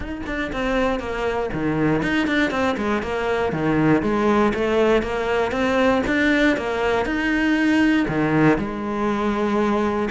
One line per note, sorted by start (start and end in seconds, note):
0.00 0.21 D#4
0.26 0.51 D4
0.52 0.99 C4
0.99 1.50 A#3
1.53 2.02 D#3
2.02 2.27 D#4
2.27 2.50 D4
2.50 2.75 C4
2.77 3.02 G#3
3.02 3.52 A#3
3.52 4.02 D#3
4.02 4.52 G#3
4.54 5.02 A3
5.02 5.51 A#3
5.51 6.01 C4
6.06 6.56 D4
6.56 7.05 A#3
7.05 8.06 D#4
8.08 8.58 D#3
8.58 10.09 G#3